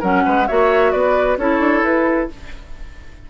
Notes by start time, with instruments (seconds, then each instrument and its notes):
0.00 bassoon F#3, clarinet C#4, oboe A#4, flute F#5
0.25 bassoon G#3, oboe B4
0.47 bassoon A#3, clarinet F#4, oboe C#5, flute E5
0.92 bassoon B3, oboe B4, flute D5
1.37 bassoon C#4, clarinet E4, oboe A4, flute C#5
1.59 bassoon D4
1.82 bassoon E4, flute B4